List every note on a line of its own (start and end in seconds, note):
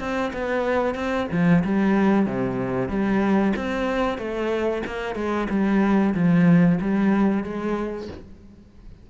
0.00 0.32 C4
0.33 0.95 B3
0.95 1.27 C4
1.32 1.64 F3
1.65 2.26 G3
2.26 2.89 C3
2.89 3.53 G3
3.56 4.18 C4
4.18 4.83 A3
4.87 5.16 A#3
5.16 5.48 G#3
5.50 6.14 G3
6.15 6.79 F3
6.82 7.44 G3
7.44 8.08 G#3